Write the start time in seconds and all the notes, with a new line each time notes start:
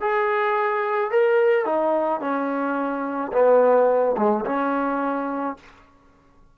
0.00 G#4
1.10 A#4
1.65 D#4
2.20 C#4
3.32 B3
4.17 G#3
4.45 C#4